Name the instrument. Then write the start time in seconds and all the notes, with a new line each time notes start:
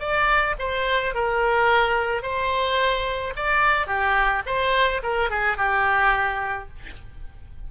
oboe
0.00 D5
0.59 C5
1.14 A#4
2.22 C5
3.36 D5
3.87 G4
4.46 C5
5.03 A#4
5.30 G#4
5.58 G4